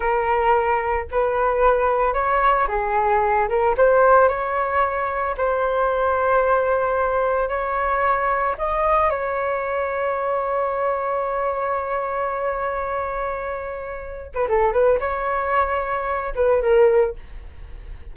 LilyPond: \new Staff \with { instrumentName = "flute" } { \time 4/4 \tempo 4 = 112 ais'2 b'2 | cis''4 gis'4. ais'8 c''4 | cis''2 c''2~ | c''2 cis''2 |
dis''4 cis''2.~ | cis''1~ | cis''2~ cis''8. b'16 a'8 b'8 | cis''2~ cis''8 b'8 ais'4 | }